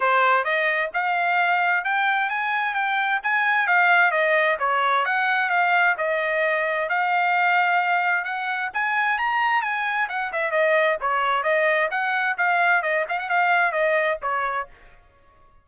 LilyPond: \new Staff \with { instrumentName = "trumpet" } { \time 4/4 \tempo 4 = 131 c''4 dis''4 f''2 | g''4 gis''4 g''4 gis''4 | f''4 dis''4 cis''4 fis''4 | f''4 dis''2 f''4~ |
f''2 fis''4 gis''4 | ais''4 gis''4 fis''8 e''8 dis''4 | cis''4 dis''4 fis''4 f''4 | dis''8 f''16 fis''16 f''4 dis''4 cis''4 | }